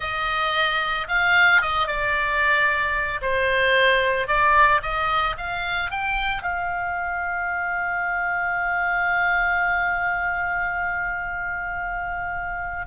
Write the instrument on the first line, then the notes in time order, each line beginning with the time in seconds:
oboe
0.00 D#5
1.08 F5
1.61 D#5
1.87 D5
3.21 C5
4.27 D5
4.82 D#5
5.37 F5
5.91 G5
6.42 F5